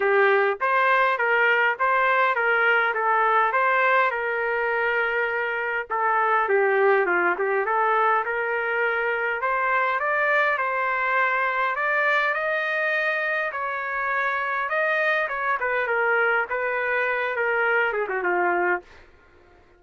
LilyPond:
\new Staff \with { instrumentName = "trumpet" } { \time 4/4 \tempo 4 = 102 g'4 c''4 ais'4 c''4 | ais'4 a'4 c''4 ais'4~ | ais'2 a'4 g'4 | f'8 g'8 a'4 ais'2 |
c''4 d''4 c''2 | d''4 dis''2 cis''4~ | cis''4 dis''4 cis''8 b'8 ais'4 | b'4. ais'4 gis'16 fis'16 f'4 | }